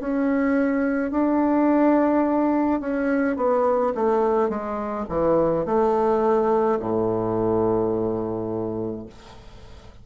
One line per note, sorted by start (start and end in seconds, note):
0.00 1.11 C#4
1.11 2.80 D4
2.80 3.37 C#4
3.37 3.93 B3
3.95 4.49 A3
4.49 5.06 G#3
5.09 5.66 E3
5.66 6.79 A3
6.80 9.06 A2